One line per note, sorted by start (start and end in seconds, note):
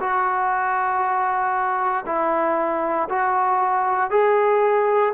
0.00 2.05 F#4
2.06 3.09 E4
3.09 4.11 F#4
4.11 5.13 G#4